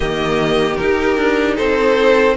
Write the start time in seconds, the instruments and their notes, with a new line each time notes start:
0.00 cello D#3, viola A#3, violin G4 D#5
0.76 viola D#4, cello D#4, violin A#4
1.16 cello D4
1.56 cello C4, violin A4 C5